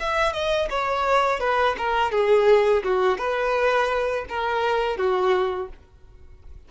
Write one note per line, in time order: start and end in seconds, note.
0.00 0.33 E5
0.33 0.69 D#5
0.70 1.40 C#5
1.40 1.76 B4
1.78 2.12 A#4
2.12 2.83 G#4
2.84 3.18 F#4
3.18 4.25 B4
4.29 4.97 A#4
4.97 5.69 F#4